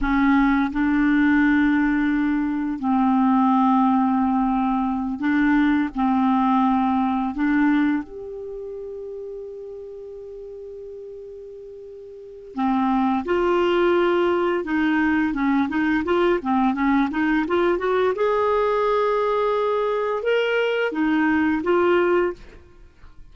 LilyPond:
\new Staff \with { instrumentName = "clarinet" } { \time 4/4 \tempo 4 = 86 cis'4 d'2. | c'2.~ c'8 d'8~ | d'8 c'2 d'4 g'8~ | g'1~ |
g'2 c'4 f'4~ | f'4 dis'4 cis'8 dis'8 f'8 c'8 | cis'8 dis'8 f'8 fis'8 gis'2~ | gis'4 ais'4 dis'4 f'4 | }